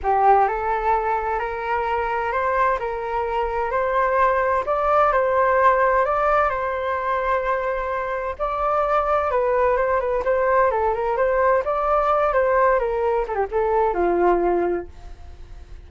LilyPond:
\new Staff \with { instrumentName = "flute" } { \time 4/4 \tempo 4 = 129 g'4 a'2 ais'4~ | ais'4 c''4 ais'2 | c''2 d''4 c''4~ | c''4 d''4 c''2~ |
c''2 d''2 | b'4 c''8 b'8 c''4 a'8 ais'8 | c''4 d''4. c''4 ais'8~ | ais'8 a'16 g'16 a'4 f'2 | }